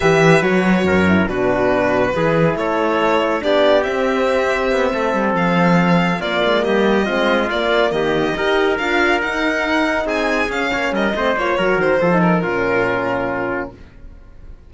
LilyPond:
<<
  \new Staff \with { instrumentName = "violin" } { \time 4/4 \tempo 4 = 140 e''4 cis''2 b'4~ | b'2 cis''2 | d''4 e''2.~ | e''8 f''2 d''4 dis''8~ |
dis''4. d''4 dis''4.~ | dis''8 f''4 fis''2 gis''8~ | gis''8 f''4 dis''4 cis''4 c''8~ | c''8 ais'2.~ ais'8 | }
  \new Staff \with { instrumentName = "trumpet" } { \time 4/4 b'2 ais'4 fis'4~ | fis'4 gis'4 a'2 | g'2.~ g'8 a'8~ | a'2~ a'8 f'4 g'8~ |
g'8 f'2 g'4 ais'8~ | ais'2.~ ais'8 gis'8~ | gis'4 cis''8 ais'8 c''4 ais'4 | a'4 f'2. | }
  \new Staff \with { instrumentName = "horn" } { \time 4/4 g'4 fis'4. e'8 d'4~ | d'4 e'2. | d'4 c'2.~ | c'2~ c'8 ais4.~ |
ais8 c'4 ais2 g'8~ | g'8 f'4 dis'2~ dis'8~ | dis'8 cis'4. c'8 f'8 fis'4 | f'16 dis'8. cis'2. | }
  \new Staff \with { instrumentName = "cello" } { \time 4/4 e4 fis4 fis,4 b,4~ | b,4 e4 a2 | b4 c'2 b8 a8 | g8 f2 ais8 gis8 g8~ |
g8 gis4 ais4 dis4 dis'8~ | dis'8 d'4 dis'2 c'8~ | c'8 cis'8 ais8 g8 a8 ais8 fis8 dis8 | f4 ais,2. | }
>>